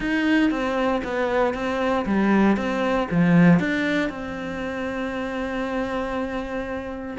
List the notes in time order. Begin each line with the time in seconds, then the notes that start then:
0.00 D#4
0.50 C4
1.04 B3
1.53 C4
2.05 G3
2.56 C4
3.10 F3
3.59 D4
4.09 C4